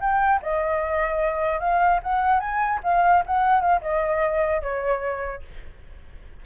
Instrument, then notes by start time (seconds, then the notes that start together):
flute
0.00 G5
0.42 D#5
1.60 F5
2.03 F#5
2.40 G#5
2.84 F5
3.26 F#5
3.61 F5
3.81 D#5
4.62 C#5